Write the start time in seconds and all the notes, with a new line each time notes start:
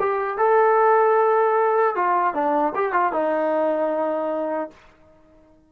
0.00 G4
0.38 A4
1.96 F4
2.34 D4
2.75 G4
2.93 F4
3.13 D#4